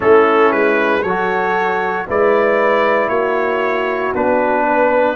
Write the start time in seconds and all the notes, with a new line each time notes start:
0.00 A3 C#4 E4 A4
0.52 G#3 B4
1.02 F#3 F#4 A4 C#5
2.07 G#3 E4 B4 D5
3.08 A#3 F#4 C#5
4.14 B3 D4 B4
4.66 B4